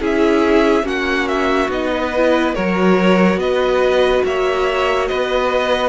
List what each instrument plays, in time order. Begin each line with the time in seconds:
0.00 cello C#4, viola E4, violin G#4 E5
0.83 cello A#3, viola C#4, violin F#4 F#5
1.28 violin E5
1.68 cello B3, viola D#4, violin D#5
1.92 violin B4
2.17 viola E4
2.55 cello F#3, viola F#4, violin A#4 C#5
3.36 cello B3, violin B4 D#5
4.24 cello A#3, violin C#5 E5
5.07 cello B3, violin B4 D#5